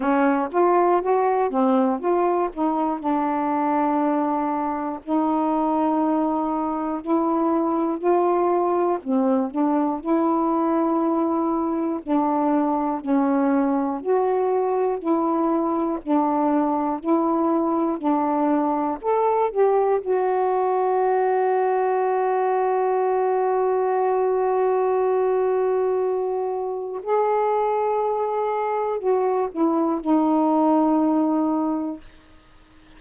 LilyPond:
\new Staff \with { instrumentName = "saxophone" } { \time 4/4 \tempo 4 = 60 cis'8 f'8 fis'8 c'8 f'8 dis'8 d'4~ | d'4 dis'2 e'4 | f'4 c'8 d'8 e'2 | d'4 cis'4 fis'4 e'4 |
d'4 e'4 d'4 a'8 g'8 | fis'1~ | fis'2. gis'4~ | gis'4 fis'8 e'8 dis'2 | }